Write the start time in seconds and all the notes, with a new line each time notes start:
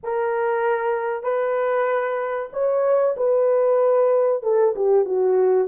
0.03 A#4
1.23 B4
2.52 C#5
3.16 B4
4.42 A4
4.75 G4
5.05 F#4